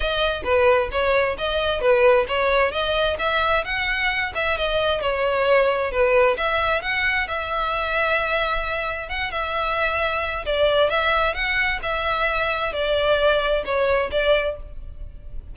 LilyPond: \new Staff \with { instrumentName = "violin" } { \time 4/4 \tempo 4 = 132 dis''4 b'4 cis''4 dis''4 | b'4 cis''4 dis''4 e''4 | fis''4. e''8 dis''4 cis''4~ | cis''4 b'4 e''4 fis''4 |
e''1 | fis''8 e''2~ e''8 d''4 | e''4 fis''4 e''2 | d''2 cis''4 d''4 | }